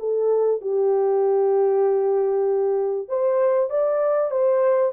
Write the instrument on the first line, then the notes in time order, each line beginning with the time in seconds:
horn
0.00 A4
0.62 G4
3.09 C5
3.71 D5
4.31 C5